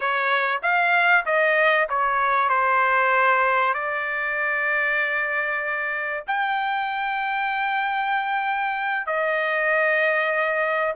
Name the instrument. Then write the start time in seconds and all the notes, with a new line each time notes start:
trumpet
0.00 C#5
0.62 F5
1.25 D#5
1.89 C#5
2.49 C5
3.74 D5
6.27 G5
9.06 D#5